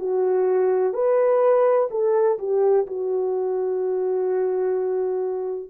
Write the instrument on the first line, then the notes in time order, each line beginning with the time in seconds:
horn
0.00 F#4
0.94 B4
1.91 A4
2.39 G4
2.87 F#4